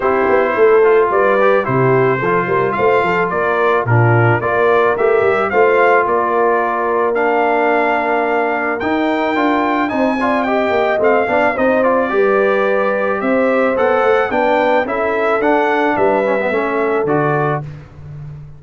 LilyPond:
<<
  \new Staff \with { instrumentName = "trumpet" } { \time 4/4 \tempo 4 = 109 c''2 d''4 c''4~ | c''4 f''4 d''4 ais'4 | d''4 e''4 f''4 d''4~ | d''4 f''2. |
g''2 gis''4 g''4 | f''4 dis''8 d''2~ d''8 | e''4 fis''4 g''4 e''4 | fis''4 e''2 d''4 | }
  \new Staff \with { instrumentName = "horn" } { \time 4/4 g'4 a'4 b'4 g'4 | a'8 ais'8 c''8 a'8 ais'4 f'4 | ais'2 c''4 ais'4~ | ais'1~ |
ais'2 c''8 d''8 dis''4~ | dis''8 d''8 c''4 b'2 | c''2 b'4 a'4~ | a'4 b'4 a'2 | }
  \new Staff \with { instrumentName = "trombone" } { \time 4/4 e'4. f'4 g'8 e'4 | f'2. d'4 | f'4 g'4 f'2~ | f'4 d'2. |
dis'4 f'4 dis'8 f'8 g'4 | c'8 d'8 dis'8 f'8 g'2~ | g'4 a'4 d'4 e'4 | d'4. cis'16 b16 cis'4 fis'4 | }
  \new Staff \with { instrumentName = "tuba" } { \time 4/4 c'8 b8 a4 g4 c4 | f8 g8 a8 f8 ais4 ais,4 | ais4 a8 g8 a4 ais4~ | ais1 |
dis'4 d'4 c'4. ais8 | a8 b8 c'4 g2 | c'4 b8 a8 b4 cis'4 | d'4 g4 a4 d4 | }
>>